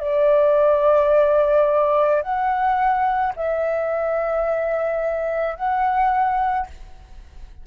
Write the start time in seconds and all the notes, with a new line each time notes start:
0.00 D5
2.22 F#5
3.36 E5
5.56 F#5